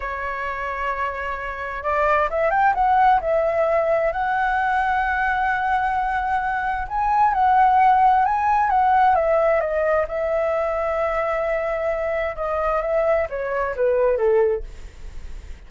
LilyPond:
\new Staff \with { instrumentName = "flute" } { \time 4/4 \tempo 4 = 131 cis''1 | d''4 e''8 g''8 fis''4 e''4~ | e''4 fis''2.~ | fis''2. gis''4 |
fis''2 gis''4 fis''4 | e''4 dis''4 e''2~ | e''2. dis''4 | e''4 cis''4 b'4 a'4 | }